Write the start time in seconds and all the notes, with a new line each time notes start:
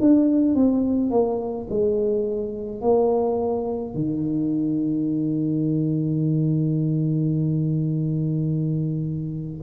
0.00 D4
0.55 C4
1.10 A#3
1.69 G#3
2.81 A#3
3.95 D#3